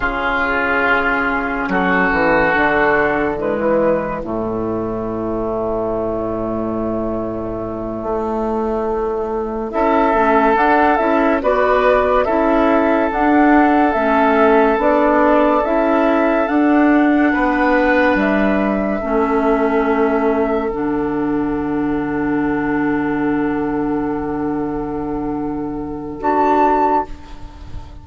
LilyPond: <<
  \new Staff \with { instrumentName = "flute" } { \time 4/4 \tempo 4 = 71 gis'2 a'2 | b'4 cis''2.~ | cis''2.~ cis''8 e''8~ | e''8 fis''8 e''8 d''4 e''4 fis''8~ |
fis''8 e''4 d''4 e''4 fis''8~ | fis''4. e''2~ e''8~ | e''8 fis''2.~ fis''8~ | fis''2. a''4 | }
  \new Staff \with { instrumentName = "oboe" } { \time 4/4 f'2 fis'2 | e'1~ | e'2.~ e'8 a'8~ | a'4. b'4 a'4.~ |
a'1~ | a'8 b'2 a'4.~ | a'1~ | a'1 | }
  \new Staff \with { instrumentName = "clarinet" } { \time 4/4 cis'2. d'4 | gis4 a2.~ | a2.~ a8 e'8 | cis'8 d'8 e'8 fis'4 e'4 d'8~ |
d'8 cis'4 d'4 e'4 d'8~ | d'2~ d'8 cis'4.~ | cis'8 d'2.~ d'8~ | d'2. fis'4 | }
  \new Staff \with { instrumentName = "bassoon" } { \time 4/4 cis2 fis8 e8 d4~ | d16 e8. a,2.~ | a,4. a2 cis'8 | a8 d'8 cis'8 b4 cis'4 d'8~ |
d'8 a4 b4 cis'4 d'8~ | d'8 b4 g4 a4.~ | a8 d2.~ d8~ | d2. d'4 | }
>>